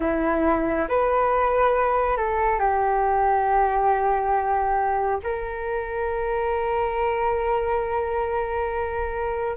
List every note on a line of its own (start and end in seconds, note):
0.00 0.87 E4
0.88 2.17 B4
2.17 2.59 A4
2.59 5.20 G4
5.23 9.56 A#4